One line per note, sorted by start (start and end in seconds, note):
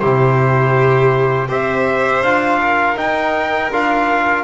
0.00 1.50 C3
0.00 1.49 E4
0.00 1.48 G4
0.00 1.48 C5
1.48 2.22 C4
1.48 2.23 G4
1.48 2.60 C5
1.48 2.24 E5
2.22 2.96 D4
2.22 2.97 F4
2.22 2.98 F5
2.61 4.44 A#4
2.97 3.71 D#4
2.97 3.72 D#4
2.97 3.72 G5
3.72 4.44 D4
3.72 4.44 F4
3.72 4.44 F5